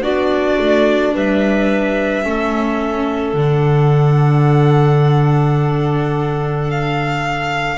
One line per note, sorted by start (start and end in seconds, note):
0.00 0.56 B3
0.00 2.23 D4
0.00 1.12 F#4
0.00 1.14 D5
0.59 1.14 A3
1.13 2.25 G3
1.13 2.24 B4
1.13 3.38 E5
2.23 3.33 A3
2.23 3.34 C#4
2.23 7.77 A4
3.33 7.77 D3
3.33 7.77 D4
3.33 6.70 F#5
6.70 7.77 F5